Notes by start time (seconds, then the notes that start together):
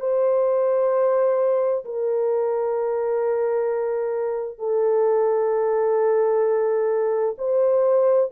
0.00 C5
1.85 A#4
4.59 A4
7.38 C5